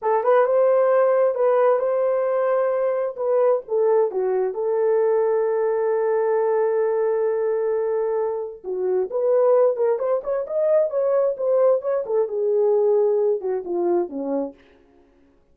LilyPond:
\new Staff \with { instrumentName = "horn" } { \time 4/4 \tempo 4 = 132 a'8 b'8 c''2 b'4 | c''2. b'4 | a'4 fis'4 a'2~ | a'1~ |
a'2. fis'4 | b'4. ais'8 c''8 cis''8 dis''4 | cis''4 c''4 cis''8 a'8 gis'4~ | gis'4. fis'8 f'4 cis'4 | }